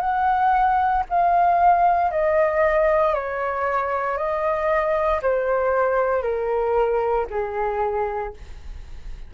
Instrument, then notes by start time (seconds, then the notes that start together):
flute
0.00 F#5
1.10 F5
2.11 D#5
3.14 C#5
4.18 D#5
5.22 C5
6.23 A#4
7.30 G#4